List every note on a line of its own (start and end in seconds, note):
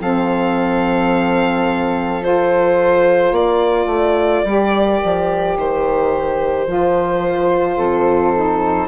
0.00 3.31 F3
0.00 2.22 C4
0.00 3.35 A4
0.00 2.23 F5
2.22 4.44 F4
2.22 3.34 C5
3.31 3.86 A#3
3.31 7.77 A#4
3.31 5.57 D5
3.86 4.41 A3
4.44 5.00 G3
4.44 6.66 G4
5.04 5.57 F3
5.57 6.67 D#3
5.57 8.87 C5
6.66 7.77 F3
6.66 8.33 F4
7.77 8.87 F2
7.77 8.87 A4
8.33 8.87 D#4